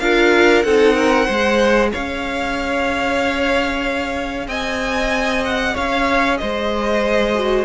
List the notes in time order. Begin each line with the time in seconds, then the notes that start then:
0.00 D4 F4 A#4 F5
0.63 C4 D#4 A4 F#5
0.94 A#4
1.25 G#3 G#4 C5
1.92 C#4 C#5 F5
4.48 C4 D#5 G#5
5.45 F#5
5.74 C#4 C#5 F5
6.38 G#3 C5 D#5
7.35 F#4